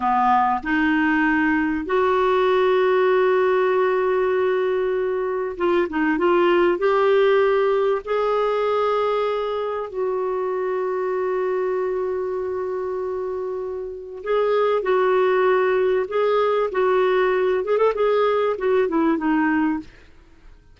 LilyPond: \new Staff \with { instrumentName = "clarinet" } { \time 4/4 \tempo 4 = 97 b4 dis'2 fis'4~ | fis'1~ | fis'4 f'8 dis'8 f'4 g'4~ | g'4 gis'2. |
fis'1~ | fis'2. gis'4 | fis'2 gis'4 fis'4~ | fis'8 gis'16 a'16 gis'4 fis'8 e'8 dis'4 | }